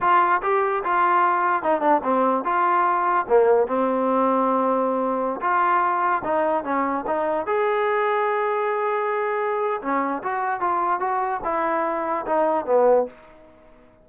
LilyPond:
\new Staff \with { instrumentName = "trombone" } { \time 4/4 \tempo 4 = 147 f'4 g'4 f'2 | dis'8 d'8 c'4 f'2 | ais4 c'2.~ | c'4~ c'16 f'2 dis'8.~ |
dis'16 cis'4 dis'4 gis'4.~ gis'16~ | gis'1 | cis'4 fis'4 f'4 fis'4 | e'2 dis'4 b4 | }